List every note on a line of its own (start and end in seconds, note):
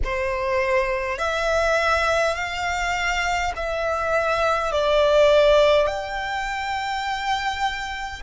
0.04 1.18 C5
1.18 2.35 E5
2.35 3.52 F5
3.56 4.72 E5
4.72 5.87 D5
5.87 8.22 G5